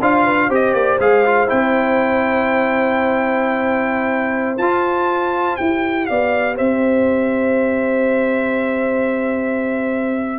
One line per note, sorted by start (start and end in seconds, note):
0.00 0.49 D4
0.00 0.50 F4
0.00 0.24 C5
0.00 0.51 F5
0.24 0.48 B4
0.48 0.74 C4
0.48 0.99 G4
0.48 6.06 C5
0.48 0.74 D#5
0.74 0.98 A#3
0.74 0.99 D5
0.99 1.49 G#3
0.99 1.24 G#4
0.99 1.49 F5
1.26 1.48 F4
1.48 4.57 C4
1.48 4.58 E4
1.48 4.58 G5
4.57 5.56 F4
4.57 5.59 F4
4.57 5.56 A5
5.56 6.09 E4
5.56 10.39 G4
5.56 6.05 G5
6.05 6.59 B3
6.05 6.55 D5
6.05 6.55 F5
6.55 10.39 C4
6.55 10.39 C5
6.55 10.39 E5